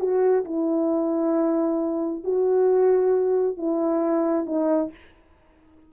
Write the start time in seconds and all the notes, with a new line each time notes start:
0.00 F#4
0.45 E4
2.25 F#4
3.58 E4
4.47 D#4